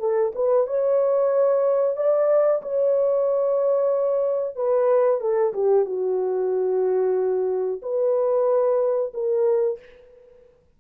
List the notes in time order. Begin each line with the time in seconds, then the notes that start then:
0.00 A4
0.36 B4
0.67 C#5
1.97 D5
2.63 C#5
4.56 B4
5.21 A4
5.54 G4
5.86 F#4
7.83 B4
9.14 A#4